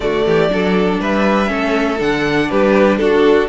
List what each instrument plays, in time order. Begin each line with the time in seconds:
0.00 cello D3, viola A3, violin F#4 D5
0.26 cello E3, violin G4
0.49 cello F#3, viola D4, violin A4
1.00 cello G3, violin B4 E5
1.46 cello A3, viola C#4, violin A4
1.99 cello D3, viola D4, violin F#5
2.49 cello G3, violin G4 B4
2.97 cello D4, violin F#4 A4